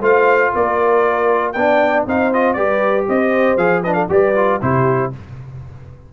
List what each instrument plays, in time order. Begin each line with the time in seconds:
0.00 tuba A3, trombone F4, horn C5, trumpet F5
0.53 tuba A#3, horn A#4, trumpet D5
1.52 tuba B3, trombone D4, horn D5, trumpet G5
2.05 tuba C4, trombone D#4, horn C5, trumpet F5
2.32 trombone F4, trumpet D#5
2.53 tuba G3, trombone G4, horn B4, trumpet D5
3.08 tuba C4, horn C5, trumpet D#5
3.56 tuba F3, trombone G#4, trumpet F5
3.83 trombone D4, horn B4, trumpet D#5
3.93 horn A4, trumpet F5
4.09 tuba G3, trombone G4, horn B4, trumpet D5
4.35 trombone F4
4.61 tuba C3, trombone E4, horn G4, trumpet C5